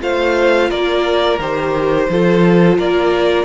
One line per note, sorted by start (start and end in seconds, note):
0.00 0.70 A3
0.00 1.38 F4
0.00 0.69 C5
0.00 0.70 F5
0.69 1.38 A#3
0.69 2.07 A#4
0.69 1.39 D5
1.38 2.07 D#3
1.38 2.10 G4
1.38 2.78 C5
2.09 2.78 F3
2.09 3.44 F4
2.09 2.78 A4
2.78 3.44 A#3
2.78 3.44 A#4
2.78 3.44 D5